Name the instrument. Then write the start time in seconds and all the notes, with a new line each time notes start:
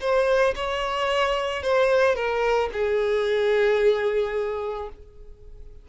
violin
0.00 C5
0.55 C#5
1.63 C5
2.15 A#4
2.72 G#4